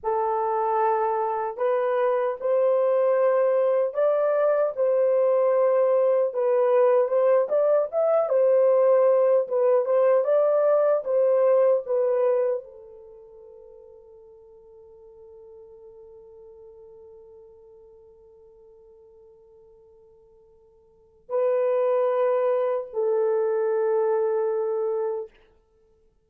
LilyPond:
\new Staff \with { instrumentName = "horn" } { \time 4/4 \tempo 4 = 76 a'2 b'4 c''4~ | c''4 d''4 c''2 | b'4 c''8 d''8 e''8 c''4. | b'8 c''8 d''4 c''4 b'4 |
a'1~ | a'1~ | a'2. b'4~ | b'4 a'2. | }